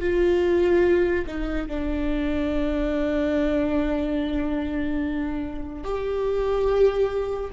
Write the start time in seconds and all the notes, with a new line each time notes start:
0.00 F4
1.27 D#4
1.68 D4
5.84 G4